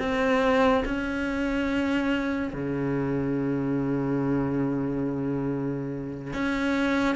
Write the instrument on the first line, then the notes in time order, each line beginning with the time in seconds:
cello
0.00 C4
0.86 C#4
2.54 C#3
6.34 C#4